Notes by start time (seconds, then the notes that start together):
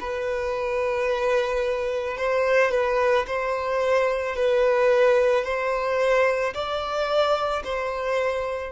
0.00 B4
2.17 C5
2.71 B4
3.27 C5
4.36 B4
5.44 C5
6.54 D5
7.64 C5